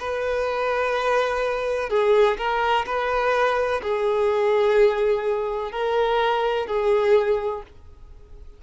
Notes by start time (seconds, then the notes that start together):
0.00 B4
1.90 G#4
2.38 A#4
2.86 B4
3.83 G#4
5.72 A#4
6.67 G#4